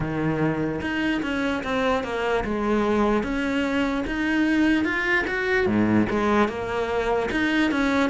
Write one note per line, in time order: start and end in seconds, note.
0.00 0.81 D#3
0.81 1.21 D#4
1.22 1.63 C#4
1.63 2.03 C4
2.03 2.44 A#3
2.44 3.23 G#3
3.23 4.04 C#4
4.07 4.84 D#4
4.84 5.25 F4
5.27 5.66 F#4
5.66 6.06 G#2
6.10 6.48 G#3
6.48 7.29 A#3
7.31 7.71 D#4
7.71 8.09 C#4